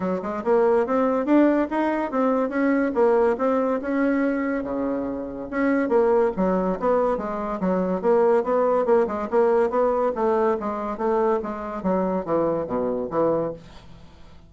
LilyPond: \new Staff \with { instrumentName = "bassoon" } { \time 4/4 \tempo 4 = 142 fis8 gis8 ais4 c'4 d'4 | dis'4 c'4 cis'4 ais4 | c'4 cis'2 cis4~ | cis4 cis'4 ais4 fis4 |
b4 gis4 fis4 ais4 | b4 ais8 gis8 ais4 b4 | a4 gis4 a4 gis4 | fis4 e4 b,4 e4 | }